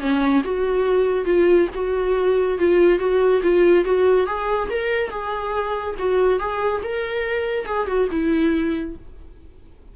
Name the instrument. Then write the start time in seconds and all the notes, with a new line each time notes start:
viola
0.00 C#4
0.45 F#4
1.26 F4
1.75 F#4
2.59 F4
2.99 F#4
3.43 F4
3.85 F#4
4.27 G#4
4.70 A#4
5.10 G#4
5.99 F#4
6.40 G#4
6.84 A#4
7.66 G#4
7.87 F#4
8.12 E4